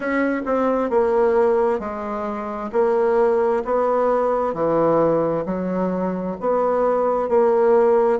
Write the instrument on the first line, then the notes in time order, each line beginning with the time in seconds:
bassoon
0.00 C#4
0.45 C4
0.90 A#3
1.79 G#3
2.72 A#3
3.64 B3
4.53 E3
5.45 F#3
6.40 B3
7.28 A#3